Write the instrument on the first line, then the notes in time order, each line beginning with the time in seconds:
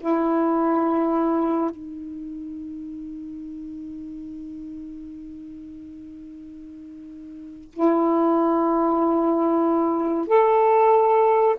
saxophone
0.00 E4
1.71 D#4
7.73 E4
10.27 A4